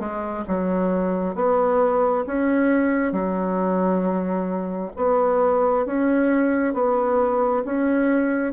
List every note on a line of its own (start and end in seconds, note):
0.00 0.45 G#3
0.48 1.36 F#3
1.36 2.25 B3
2.27 3.13 C#4
3.13 4.92 F#3
4.97 5.87 B3
5.87 6.74 C#4
6.74 7.64 B3
7.66 8.54 C#4